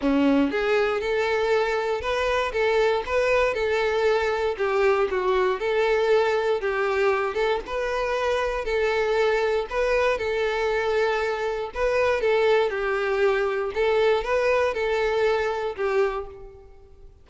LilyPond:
\new Staff \with { instrumentName = "violin" } { \time 4/4 \tempo 4 = 118 cis'4 gis'4 a'2 | b'4 a'4 b'4 a'4~ | a'4 g'4 fis'4 a'4~ | a'4 g'4. a'8 b'4~ |
b'4 a'2 b'4 | a'2. b'4 | a'4 g'2 a'4 | b'4 a'2 g'4 | }